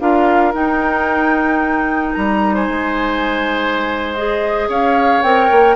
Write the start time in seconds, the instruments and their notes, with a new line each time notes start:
0.00 bassoon D4, clarinet F4, oboe A#4, flute F5
0.53 clarinet D#4, bassoon D#4, flute G5
2.14 bassoon G3, flute A#5
2.54 oboe C5, flute G#5
2.68 bassoon G#3
4.15 clarinet G#4, flute D#5
4.69 bassoon C#4, oboe C#5, flute F5
5.22 bassoon C4, clarinet A#4, flute G5
5.52 bassoon A#3